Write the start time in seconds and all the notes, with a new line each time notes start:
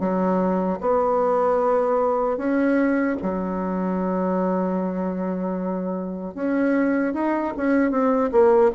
0.00 F#3
0.81 B3
2.38 C#4
3.23 F#3
6.35 C#4
7.14 D#4
7.57 C#4
7.91 C4
8.32 A#3